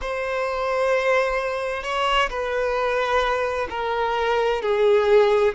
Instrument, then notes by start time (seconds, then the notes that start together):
violin
0.01 C5
1.83 C#5
2.29 B4
3.70 A#4
4.62 G#4